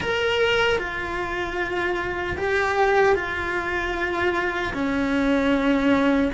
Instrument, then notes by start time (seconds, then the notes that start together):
cello
0.00 A#4
0.78 F4
2.37 G4
3.15 F4
4.73 C#4